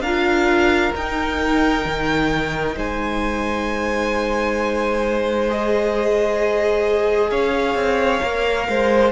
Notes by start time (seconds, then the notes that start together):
0.00 D4 F4 A#4 F5
0.95 D#4 G5
1.85 D#3
2.75 G#3 C5 G#5
5.49 G#4 D#5
7.30 C#4 C#5 F5
7.74 C4
8.20 A#3 A#4
8.67 G#3 C5